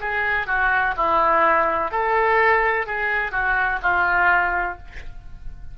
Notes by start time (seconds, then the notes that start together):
0.00 G#4
0.47 F#4
0.97 E4
1.91 A4
2.86 G#4
3.31 F#4
3.82 F4